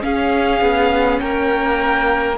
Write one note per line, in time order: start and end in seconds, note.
0.00 2.35 C#4
0.00 0.61 C#4
0.00 1.22 G#4
0.00 1.19 F5
0.61 1.20 B3
1.19 2.37 A#3
1.19 2.37 A#4
1.19 2.37 G5